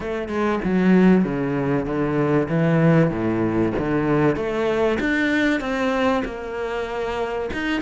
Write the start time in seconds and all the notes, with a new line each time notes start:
0.00 A3
0.28 G#3
0.64 F#3
1.24 C#3
1.85 D3
2.48 E3
3.10 A2
3.78 D3
4.36 A3
5.00 D4
5.60 C4
6.24 A#3
7.53 D#4